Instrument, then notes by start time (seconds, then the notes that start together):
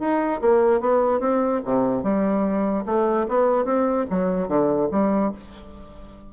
bassoon
0.00 D#4
0.42 A#3
0.81 B3
1.21 C4
1.65 C3
2.04 G3
2.86 A3
3.29 B3
3.65 C4
4.11 F#3
4.48 D3
4.91 G3